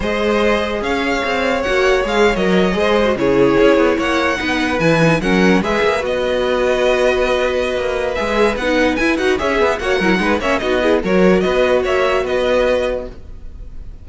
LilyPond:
<<
  \new Staff \with { instrumentName = "violin" } { \time 4/4 \tempo 4 = 147 dis''2 f''2 | fis''4 f''8. dis''2 cis''16~ | cis''4.~ cis''16 fis''2 gis''16~ | gis''8. fis''4 e''4 dis''4~ dis''16~ |
dis''1 | e''4 fis''4 gis''8 fis''8 e''4 | fis''4. e''8 dis''4 cis''4 | dis''4 e''4 dis''2 | }
  \new Staff \with { instrumentName = "violin" } { \time 4/4 c''2 cis''2~ | cis''2~ cis''8. c''4 gis'16~ | gis'4.~ gis'16 cis''4 b'4~ b'16~ | b'8. ais'4 b'2~ b'16~ |
b'1~ | b'2. cis''8 b8 | cis''8 ais'8 b'8 cis''8 fis'8 gis'8 ais'4 | b'4 cis''4 b'2 | }
  \new Staff \with { instrumentName = "viola" } { \time 4/4 gis'1 | fis'4 gis'8. ais'4 gis'8. fis'16 e'16~ | e'2~ e'8. dis'4 e'16~ | e'16 dis'8 cis'4 gis'4 fis'4~ fis'16~ |
fis'1 | gis'4 dis'4 e'8 fis'8 gis'4 | fis'8 e'8 dis'8 cis'8 dis'8 e'8 fis'4~ | fis'1 | }
  \new Staff \with { instrumentName = "cello" } { \time 4/4 gis2 cis'4 c'4 | ais4 gis8. fis4 gis4 cis16~ | cis8. cis'8 b8 ais4 b4 e16~ | e8. fis4 gis8 ais8 b4~ b16~ |
b2. ais4 | gis4 b4 e'8 dis'8 cis'8 b8 | ais8 fis8 gis8 ais8 b4 fis4 | b4 ais4 b2 | }
>>